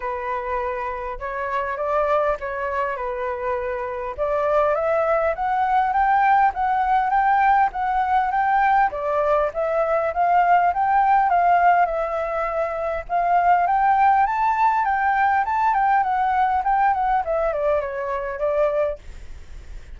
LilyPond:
\new Staff \with { instrumentName = "flute" } { \time 4/4 \tempo 4 = 101 b'2 cis''4 d''4 | cis''4 b'2 d''4 | e''4 fis''4 g''4 fis''4 | g''4 fis''4 g''4 d''4 |
e''4 f''4 g''4 f''4 | e''2 f''4 g''4 | a''4 g''4 a''8 g''8 fis''4 | g''8 fis''8 e''8 d''8 cis''4 d''4 | }